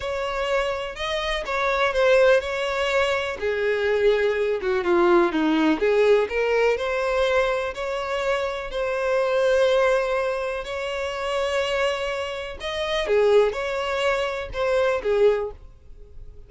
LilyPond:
\new Staff \with { instrumentName = "violin" } { \time 4/4 \tempo 4 = 124 cis''2 dis''4 cis''4 | c''4 cis''2 gis'4~ | gis'4. fis'8 f'4 dis'4 | gis'4 ais'4 c''2 |
cis''2 c''2~ | c''2 cis''2~ | cis''2 dis''4 gis'4 | cis''2 c''4 gis'4 | }